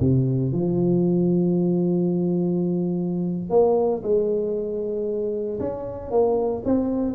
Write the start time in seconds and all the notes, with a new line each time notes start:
0.00 C3
0.52 F3
3.50 A#3
4.03 G#3
5.60 C#4
6.11 A#3
6.65 C4